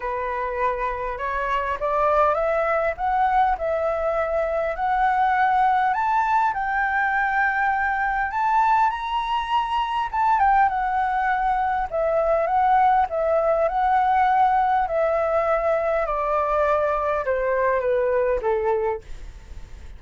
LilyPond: \new Staff \with { instrumentName = "flute" } { \time 4/4 \tempo 4 = 101 b'2 cis''4 d''4 | e''4 fis''4 e''2 | fis''2 a''4 g''4~ | g''2 a''4 ais''4~ |
ais''4 a''8 g''8 fis''2 | e''4 fis''4 e''4 fis''4~ | fis''4 e''2 d''4~ | d''4 c''4 b'4 a'4 | }